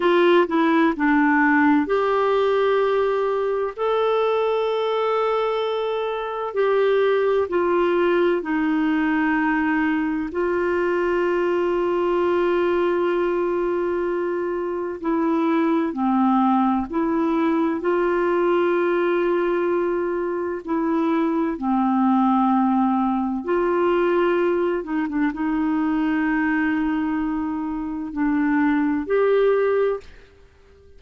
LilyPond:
\new Staff \with { instrumentName = "clarinet" } { \time 4/4 \tempo 4 = 64 f'8 e'8 d'4 g'2 | a'2. g'4 | f'4 dis'2 f'4~ | f'1 |
e'4 c'4 e'4 f'4~ | f'2 e'4 c'4~ | c'4 f'4. dis'16 d'16 dis'4~ | dis'2 d'4 g'4 | }